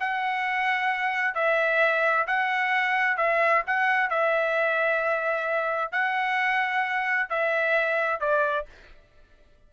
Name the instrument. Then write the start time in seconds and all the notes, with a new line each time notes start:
trumpet
0.00 F#5
1.35 E5
2.28 F#5
3.17 E5
3.67 F#5
4.10 E5
5.92 F#5
7.30 E5
8.20 D5